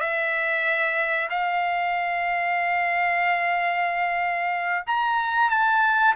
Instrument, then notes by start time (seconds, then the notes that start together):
trumpet
0.00 E5
1.30 F5
4.87 A#5
5.50 A5